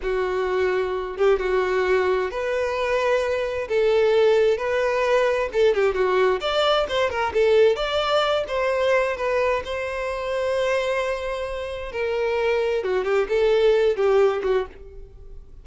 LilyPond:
\new Staff \with { instrumentName = "violin" } { \time 4/4 \tempo 4 = 131 fis'2~ fis'8 g'8 fis'4~ | fis'4 b'2. | a'2 b'2 | a'8 g'8 fis'4 d''4 c''8 ais'8 |
a'4 d''4. c''4. | b'4 c''2.~ | c''2 ais'2 | fis'8 g'8 a'4. g'4 fis'8 | }